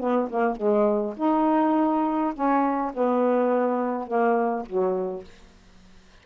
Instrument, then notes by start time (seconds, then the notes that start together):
saxophone
0.00 B3
0.30 A#3
0.57 G#3
1.17 D#4
2.34 C#4
2.94 B3
4.07 A#3
4.66 F#3